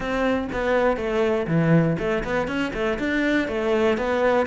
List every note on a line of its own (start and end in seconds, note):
0.00 0.48 C4
0.52 0.97 B3
0.97 1.46 A3
1.47 1.97 E3
1.98 2.23 A3
2.24 2.47 B3
2.47 2.72 C#4
2.73 2.98 A3
2.98 3.47 D4
3.47 3.97 A3
3.97 4.46 B3